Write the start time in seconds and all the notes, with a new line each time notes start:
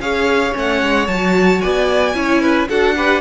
0.00 C#4 G#4 C#5 F5
0.52 A3 C#4
0.59 F#5
0.82 G#3
1.07 F#3 F#4 A5
1.61 B3 D5 G#5
2.14 C#4 E4 C#5
2.41 B4
2.68 D4 F#4 A4 F#5
2.96 G4 B4